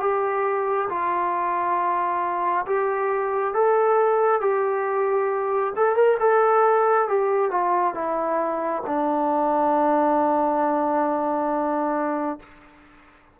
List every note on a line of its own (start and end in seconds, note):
0.00 0.88 G4
0.89 2.65 F4
2.66 3.54 G4
3.54 4.40 A4
4.40 5.73 G4
5.76 5.96 A4
5.96 6.18 A#4
6.20 7.08 A4
7.08 7.50 G4
7.50 7.94 F4
7.94 8.82 E4
8.86 12.39 D4